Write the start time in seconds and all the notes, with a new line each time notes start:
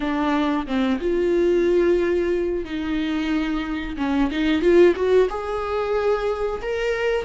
0.00 D4
0.66 C4
1.00 F4
2.64 D#4
3.97 C#4
4.31 D#4
4.61 F4
4.95 F#4
5.29 G#4
6.61 A#4